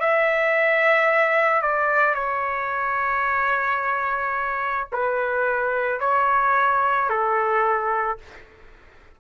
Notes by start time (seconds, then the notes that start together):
0.00 E5
1.62 D5
2.15 C#5
4.92 B4
6.00 C#5
7.09 A4